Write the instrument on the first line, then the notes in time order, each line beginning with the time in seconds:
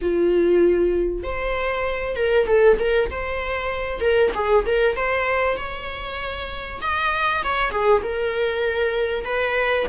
viola
0.01 F4
1.23 C5
2.16 A#4
2.46 A4
2.79 A#4
3.10 C5
4.00 A#4
4.34 G#4
4.66 A#4
4.96 C5
5.57 C#5
6.81 D#5
7.43 C#5
7.70 G#4
8.02 A#4
9.24 B4